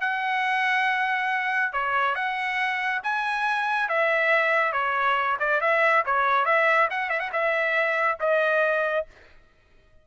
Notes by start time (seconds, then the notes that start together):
0.00 F#5
1.72 C#5
2.15 F#5
3.03 G#5
3.88 E5
4.72 C#5
5.39 D5
5.60 E5
6.05 C#5
6.45 E5
6.90 F#5
7.09 E5
7.19 F#5
7.32 E5
8.20 D#5